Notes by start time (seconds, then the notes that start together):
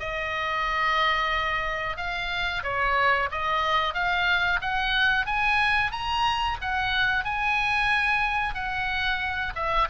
0.00 D#5
1.97 F5
2.63 C#5
3.31 D#5
3.94 F5
4.61 F#5
5.26 G#5
5.92 A#5
6.61 F#5
7.25 G#5
8.54 F#5
9.55 E5